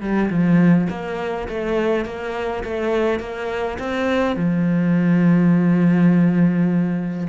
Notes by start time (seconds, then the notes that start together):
0.00 G3
0.30 F3
0.89 A#3
1.48 A3
2.05 A#3
2.64 A3
3.19 A#3
3.78 C4
4.36 F3